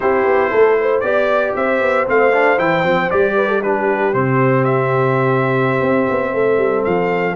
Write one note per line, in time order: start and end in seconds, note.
0.00 0.25 C4
0.00 1.03 E4
0.00 0.50 G4
0.00 1.00 C5
0.25 0.51 B3
0.50 1.02 A3
0.50 0.76 A4
0.80 1.04 C5
1.00 1.54 B3
1.00 2.06 G4
1.00 1.52 D5
1.00 1.56 D5
1.55 1.81 C4
1.55 3.35 C5
1.55 2.07 E5
1.81 2.07 B3
2.06 2.58 A3
2.06 2.32 C4
2.06 2.58 F5
2.33 2.57 D4
2.57 2.83 E3
2.57 2.83 E4
2.57 3.10 G5
2.83 3.09 F3
2.83 3.09 C4
3.10 4.13 G3
3.10 3.62 G4
3.10 3.62 D5
3.35 3.47 B4
3.47 3.60 A4
3.62 4.13 D4
3.62 6.33 G4
3.62 4.13 B4
4.13 5.80 C3
4.13 7.36 C4
4.13 4.64 C5
4.64 6.84 E5
5.80 6.06 C4
6.10 6.33 B3
6.33 6.57 A3
6.33 7.36 A4
6.57 6.83 G3
6.84 7.36 F3
6.84 7.36 F5